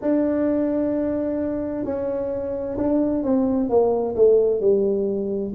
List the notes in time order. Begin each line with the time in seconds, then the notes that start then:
0.01 D4
1.84 C#4
2.77 D4
3.23 C4
3.69 A#3
4.15 A3
4.60 G3